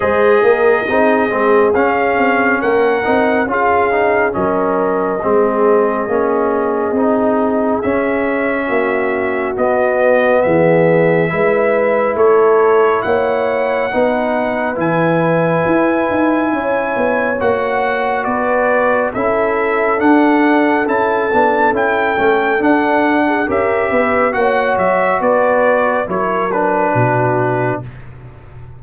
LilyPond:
<<
  \new Staff \with { instrumentName = "trumpet" } { \time 4/4 \tempo 4 = 69 dis''2 f''4 fis''4 | f''4 dis''2.~ | dis''4 e''2 dis''4 | e''2 cis''4 fis''4~ |
fis''4 gis''2. | fis''4 d''4 e''4 fis''4 | a''4 g''4 fis''4 e''4 | fis''8 e''8 d''4 cis''8 b'4. | }
  \new Staff \with { instrumentName = "horn" } { \time 4/4 c''8 ais'8 gis'2 ais'4 | gis'4 ais'4 gis'2~ | gis'2 fis'2 | gis'4 b'4 a'4 cis''4 |
b'2. cis''4~ | cis''4 b'4 a'2~ | a'2~ a'8. gis'16 ais'8 b'8 | cis''4 b'4 ais'4 fis'4 | }
  \new Staff \with { instrumentName = "trombone" } { \time 4/4 gis'4 dis'8 c'8 cis'4. dis'8 | f'8 dis'8 cis'4 c'4 cis'4 | dis'4 cis'2 b4~ | b4 e'2. |
dis'4 e'2. | fis'2 e'4 d'4 | e'8 d'8 e'8 cis'8 d'4 g'4 | fis'2 e'8 d'4. | }
  \new Staff \with { instrumentName = "tuba" } { \time 4/4 gis8 ais8 c'8 gis8 cis'8 c'8 ais8 c'8 | cis'4 fis4 gis4 ais4 | c'4 cis'4 ais4 b4 | e4 gis4 a4 ais4 |
b4 e4 e'8 dis'8 cis'8 b8 | ais4 b4 cis'4 d'4 | cis'8 b8 cis'8 a8 d'4 cis'8 b8 | ais8 fis8 b4 fis4 b,4 | }
>>